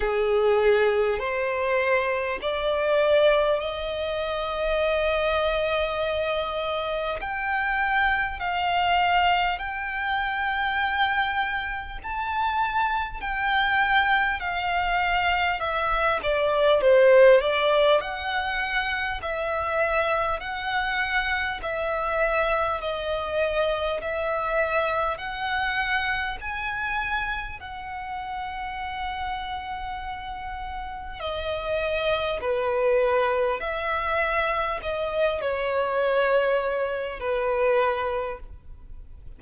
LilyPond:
\new Staff \with { instrumentName = "violin" } { \time 4/4 \tempo 4 = 50 gis'4 c''4 d''4 dis''4~ | dis''2 g''4 f''4 | g''2 a''4 g''4 | f''4 e''8 d''8 c''8 d''8 fis''4 |
e''4 fis''4 e''4 dis''4 | e''4 fis''4 gis''4 fis''4~ | fis''2 dis''4 b'4 | e''4 dis''8 cis''4. b'4 | }